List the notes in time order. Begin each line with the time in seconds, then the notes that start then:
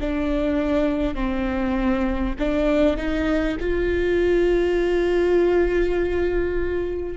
0.00 D4
1.15 C4
2.38 D4
2.97 D#4
3.60 F4